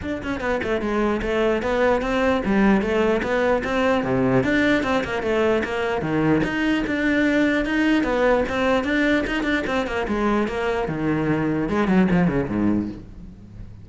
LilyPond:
\new Staff \with { instrumentName = "cello" } { \time 4/4 \tempo 4 = 149 d'8 cis'8 b8 a8 gis4 a4 | b4 c'4 g4 a4 | b4 c'4 c4 d'4 | c'8 ais8 a4 ais4 dis4 |
dis'4 d'2 dis'4 | b4 c'4 d'4 dis'8 d'8 | c'8 ais8 gis4 ais4 dis4~ | dis4 gis8 fis8 f8 cis8 gis,4 | }